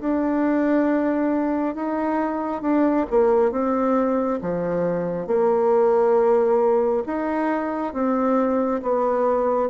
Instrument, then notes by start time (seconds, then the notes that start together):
bassoon
0.00 D4
1.75 D#4
2.61 D4
3.10 A#3
3.51 C4
4.41 F3
5.27 A#3
7.06 D#4
7.93 C4
8.82 B3